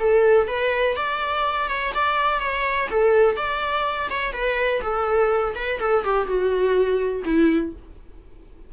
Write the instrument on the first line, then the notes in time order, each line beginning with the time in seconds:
viola
0.00 A4
0.48 B4
0.96 D5
1.69 C#5
1.95 D5
2.40 C#5
2.91 A4
3.37 D5
4.10 C#5
4.33 B4
4.82 A4
5.56 B4
5.80 A4
6.04 G4
6.27 F#4
7.25 E4